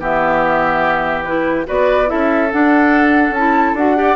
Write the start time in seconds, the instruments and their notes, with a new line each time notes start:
0.00 bassoon E3, clarinet B3, oboe G4, flute E5
1.24 clarinet E4, flute B4
1.66 bassoon B3, clarinet F#4, oboe B4, flute D5
2.07 bassoon C#4, clarinet E4, oboe A4, flute E5
2.52 clarinet D4, bassoon D4, flute F#5
3.31 bassoon C#4, clarinet E4, flute A5
3.74 bassoon D4, clarinet F#4, flute F#5
3.96 clarinet G4, oboe D5